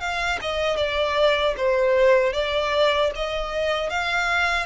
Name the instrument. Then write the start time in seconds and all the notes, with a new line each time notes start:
violin
0.00 F5
0.41 D#5
0.77 D5
1.57 C5
2.33 D5
3.15 D#5
3.90 F5